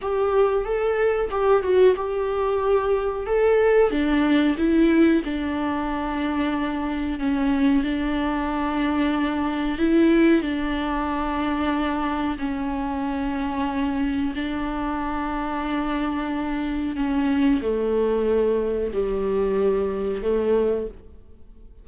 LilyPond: \new Staff \with { instrumentName = "viola" } { \time 4/4 \tempo 4 = 92 g'4 a'4 g'8 fis'8 g'4~ | g'4 a'4 d'4 e'4 | d'2. cis'4 | d'2. e'4 |
d'2. cis'4~ | cis'2 d'2~ | d'2 cis'4 a4~ | a4 g2 a4 | }